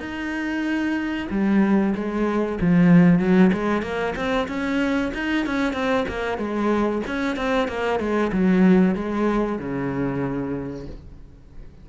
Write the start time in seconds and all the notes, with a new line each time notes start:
0.00 D#4
1.31 G3
1.95 G#3
2.61 F3
3.20 F#3
3.53 G#3
3.82 A#3
4.16 C4
4.48 C#4
5.14 D#4
5.46 C#4
5.74 C4
6.08 A#3
6.38 G#3
7.07 C#4
7.37 C4
7.68 A#3
8.00 G#3
8.32 F#3
8.95 G#3
9.59 C#3